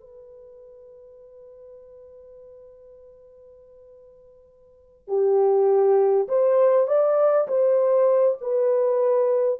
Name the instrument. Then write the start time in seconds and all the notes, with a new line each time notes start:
horn
0.00 B4
5.08 G4
6.29 C5
6.88 D5
7.48 C5
8.41 B4